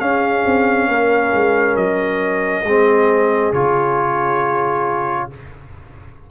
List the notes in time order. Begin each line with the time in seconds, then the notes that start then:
0.00 C#4 G#4 F5
0.45 C4
0.88 A#3 A#4
1.34 G#3
1.76 F#3 D#5
2.63 G#3 C4 G#4
3.52 C#3 F4 C#5